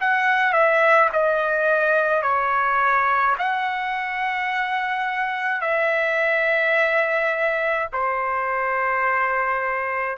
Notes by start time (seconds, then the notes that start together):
0.00 F#5
0.52 E5
1.13 D#5
2.22 C#5
3.38 F#5
5.61 E5
7.92 C5